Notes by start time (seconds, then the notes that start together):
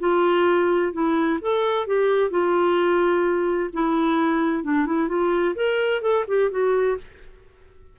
0.00 F4
0.93 E4
1.42 A4
1.87 G4
2.31 F4
3.74 E4
4.64 D4
4.86 E4
5.09 F4
5.56 A#4
6.02 A4
6.28 G4
6.51 F#4